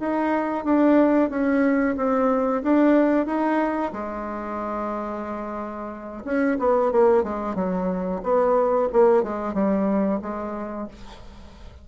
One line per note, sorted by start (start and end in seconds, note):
0.00 0.65 D#4
0.65 1.30 D4
1.30 1.96 C#4
1.97 2.63 C4
2.63 3.26 D4
3.26 3.92 D#4
3.93 6.24 G#3
6.25 6.58 C#4
6.59 6.92 B3
6.92 7.23 A#3
7.23 7.55 G#3
7.55 8.21 F#3
8.23 8.89 B3
8.93 9.23 A#3
9.23 9.54 G#3
9.54 10.20 G3
10.22 10.88 G#3